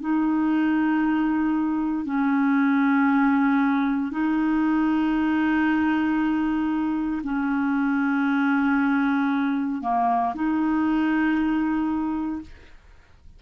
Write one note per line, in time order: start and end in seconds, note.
0.00 2.05 D#4
2.05 4.11 C#4
4.11 7.21 D#4
7.23 9.81 C#4
9.81 10.33 A#3
10.34 12.41 D#4